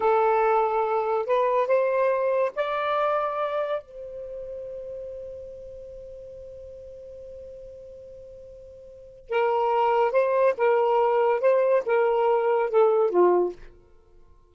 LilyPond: \new Staff \with { instrumentName = "saxophone" } { \time 4/4 \tempo 4 = 142 a'2. b'4 | c''2 d''2~ | d''4 c''2.~ | c''1~ |
c''1~ | c''2 ais'2 | c''4 ais'2 c''4 | ais'2 a'4 f'4 | }